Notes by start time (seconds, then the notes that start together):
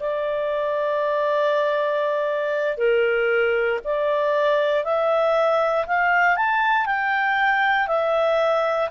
0.00 D5
2.78 A#4
3.85 D5
4.84 E5
5.87 F5
6.37 A5
6.86 G5
7.88 E5